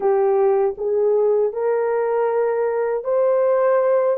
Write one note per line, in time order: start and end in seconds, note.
0.00 0.75 G4
0.77 1.52 G#4
1.52 3.04 A#4
3.04 4.17 C5